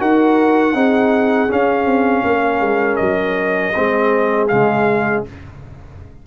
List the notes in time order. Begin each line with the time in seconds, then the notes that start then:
0.00 D#4 F#4 A#4 F#5
0.74 C4 D#4 G#4
1.48 C#4 F5
1.86 C4
2.24 A#3 A#4
2.61 G#3
2.96 F#3 D#5
3.75 G#3 C4 G#4
4.48 C#3 G#3 F5